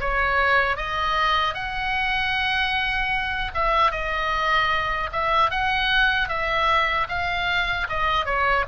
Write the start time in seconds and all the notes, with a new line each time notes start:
0.00 C#5
0.76 D#5
1.54 F#5
3.54 E5
3.91 D#5
5.12 E5
5.50 F#5
6.28 E5
7.08 F5
7.89 D#5
8.25 C#5